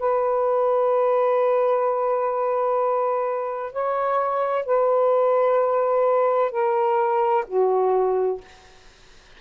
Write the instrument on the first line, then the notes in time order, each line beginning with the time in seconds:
saxophone
0.00 B4
3.73 C#5
4.66 B4
6.52 A#4
7.47 F#4